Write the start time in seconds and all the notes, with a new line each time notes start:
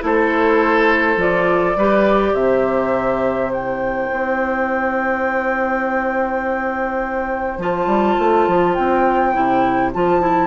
0.00 A3 E4 A4 C5
1.16 F3 F4 D5
1.76 G3 G4 B4
2.33 C3 C5 E5
3.52 E4 G5
4.11 C4
7.58 F3 F4 A5
7.86 G3
8.18 A3
8.47 F3
8.74 C4 G5
9.33 C3 E4
9.93 F3 F4 A5
10.21 E4